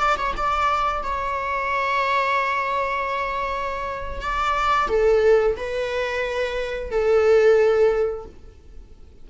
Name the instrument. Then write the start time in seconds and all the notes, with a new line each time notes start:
viola
0.00 D5
0.17 C#5
0.37 D5
1.03 C#5
4.21 D5
4.89 A4
5.57 B4
6.91 A4